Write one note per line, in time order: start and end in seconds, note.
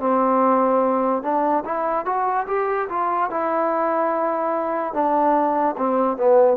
0.00 1.23 C4
1.23 1.64 D4
1.65 2.05 E4
2.05 2.47 F#4
2.48 2.89 G4
2.90 3.31 F4
3.31 4.94 E4
4.94 5.76 D4
5.78 6.18 C4
6.18 6.58 B3